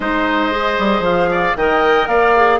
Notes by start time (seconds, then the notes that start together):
0.00 G#3 D#4 C5 D#5
0.51 G#4
0.78 G3
0.99 F3 F5
1.30 D5
1.55 D#3 A#4 D#5 G5
2.07 A#3 D5 F5
2.36 G#4